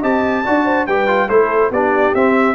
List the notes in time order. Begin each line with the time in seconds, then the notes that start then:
0.00 C4 G4 D#5 A5
0.45 D4 F#4 D5
0.66 C5
0.87 G3 G4 B4 G5
1.08 F4
1.29 A3 E4 A4 C5
1.71 B3 D4 G4 D5
2.15 C4 E5